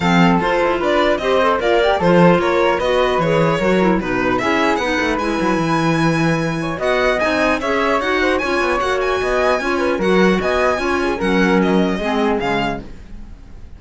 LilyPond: <<
  \new Staff \with { instrumentName = "violin" } { \time 4/4 \tempo 4 = 150 f''4 c''4 d''4 dis''4 | d''4 c''4 cis''4 dis''4 | cis''2 b'4 e''4 | fis''4 gis''2.~ |
gis''4 fis''4 gis''4 e''4 | fis''4 gis''4 fis''8 gis''4.~ | gis''4 fis''4 gis''2 | fis''4 dis''2 f''4 | }
  \new Staff \with { instrumentName = "flute" } { \time 4/4 a'2 b'4 c''4 | f'8 g'8 a'4 ais'4 b'4~ | b'4 ais'4 b'4 gis'4 | b'1~ |
b'8 cis''8 dis''2 cis''4~ | cis''8 c''8 cis''2 dis''4 | cis''8 b'8 ais'4 dis''4 cis''8 gis'8 | ais'2 gis'2 | }
  \new Staff \with { instrumentName = "clarinet" } { \time 4/4 c'4 f'2 g'8 a'8 | ais'4 f'2 fis'4 | gis'4 fis'8 e'8 dis'4 e'4 | dis'4 e'2.~ |
e'4 fis'4 dis'4 gis'4 | fis'4 f'4 fis'2 | f'4 fis'2 f'4 | cis'2 c'4 gis4 | }
  \new Staff \with { instrumentName = "cello" } { \time 4/4 f4 f'8 e'8 d'4 c'4 | ais4 f4 ais4 b4 | e4 fis4 b,4 cis'4 | b8 a8 gis8 fis8 e2~ |
e4 b4 c'4 cis'4 | dis'4 cis'8 b8 ais4 b4 | cis'4 fis4 b4 cis'4 | fis2 gis4 cis4 | }
>>